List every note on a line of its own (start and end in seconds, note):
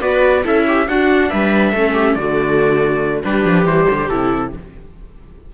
0.00 0.44 B3
0.00 0.43 F#4
0.00 0.44 B4
0.00 0.44 D5
0.43 0.87 C#4
0.43 0.86 E4
0.43 0.66 A4
0.43 0.87 E5
0.67 0.88 G4
0.87 1.30 D4
0.87 1.75 D4
0.87 1.30 F#4
0.87 1.29 F#5
1.29 1.73 G3
1.29 1.72 B4
1.29 2.14 E5
1.72 2.16 A3
1.72 2.18 C#4
1.72 1.93 A4
1.93 2.15 G4
2.14 3.23 D3
2.14 3.23 A3
2.14 3.25 F#4
2.14 3.21 D5
3.23 3.44 G3
3.23 3.64 D4
3.23 4.53 G4
3.23 3.66 B4
3.44 3.65 F3
3.64 3.86 E3
3.64 4.07 G3
3.64 4.09 C5
3.90 4.10 D3
4.09 4.53 C3
4.09 4.54 E4
4.09 4.52 A4